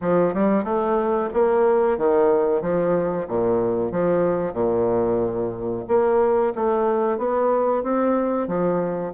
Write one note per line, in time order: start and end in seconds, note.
0.01 0.33 F3
0.33 0.63 G3
0.63 1.29 A3
1.33 1.97 A#3
1.97 2.61 D#3
2.61 3.26 F3
3.28 3.91 A#2
3.91 4.53 F3
4.53 5.83 A#2
5.88 6.53 A#3
6.55 7.18 A3
7.18 7.83 B3
7.83 8.47 C4
8.47 9.12 F3